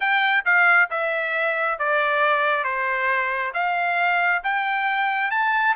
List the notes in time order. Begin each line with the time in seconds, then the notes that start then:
0.00 G5
0.45 F5
0.90 E5
1.78 D5
2.64 C5
3.54 F5
4.43 G5
5.31 A5